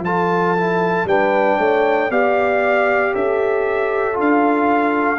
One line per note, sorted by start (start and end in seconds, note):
0.00 1.03 F3
0.00 0.57 F4
0.00 1.08 A4
0.00 1.08 A5
0.58 1.08 E4
1.05 1.57 G3
1.05 2.11 D4
1.05 1.59 B4
1.05 2.11 G5
1.59 2.10 A3
1.59 2.11 C#5
2.10 3.14 B3
2.10 4.14 G4
2.10 3.14 D5
2.10 3.15 F5
3.14 4.19 C#4
3.14 5.20 A4
3.14 4.19 E5
4.14 5.20 D4
4.14 5.17 F4
4.21 5.20 F5